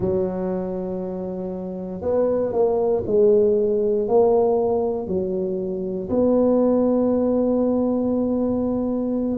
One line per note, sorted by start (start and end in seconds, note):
0.00 2.01 F#3
2.01 2.52 B3
2.52 3.03 A#3
3.06 4.07 G#3
4.07 5.07 A#3
5.07 6.09 F#3
6.09 9.37 B3